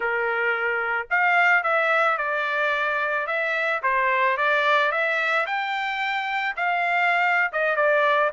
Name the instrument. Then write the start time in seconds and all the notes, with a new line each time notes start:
trumpet
0.00 A#4
1.10 F5
1.63 E5
2.17 D5
3.26 E5
3.83 C5
4.37 D5
4.91 E5
5.46 G5
6.56 F5
7.52 D#5
7.76 D5